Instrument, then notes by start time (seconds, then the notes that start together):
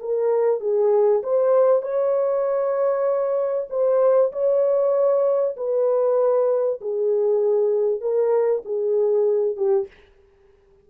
horn
0.00 A#4
0.61 G#4
1.23 C5
1.82 C#5
3.70 C5
4.32 C#5
5.57 B4
6.82 G#4
8.01 A#4
8.65 G#4
9.57 G4